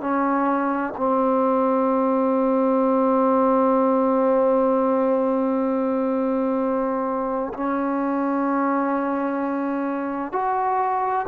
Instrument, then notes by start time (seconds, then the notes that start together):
trombone
0.00 C#4
0.97 C4
7.54 C#4
10.33 F#4